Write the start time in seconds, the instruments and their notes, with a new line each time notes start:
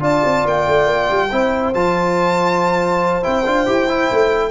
0.00 tuba D4, trombone F4, horn D5, violin A5
0.23 tuba C4
0.45 tuba A#3, violin G5
0.67 tuba A3
0.86 tuba A#3
1.10 tuba G3
1.31 tuba C4, trombone E4, horn C5
1.73 tuba F3, trombone F4, violin A5
3.22 tuba C4, trombone E4, violin G5
3.45 tuba D4, trombone F4
3.66 tuba E4, trombone G4
3.88 trombone E4
4.11 tuba A3